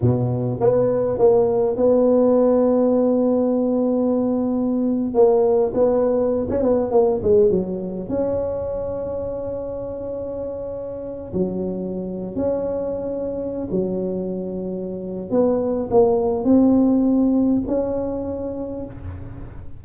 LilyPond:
\new Staff \with { instrumentName = "tuba" } { \time 4/4 \tempo 4 = 102 b,4 b4 ais4 b4~ | b1~ | b8. ais4 b4~ b16 cis'16 b8 ais16~ | ais16 gis8 fis4 cis'2~ cis'16~ |
cis'2.~ cis'16 fis8.~ | fis4 cis'2~ cis'16 fis8.~ | fis2 b4 ais4 | c'2 cis'2 | }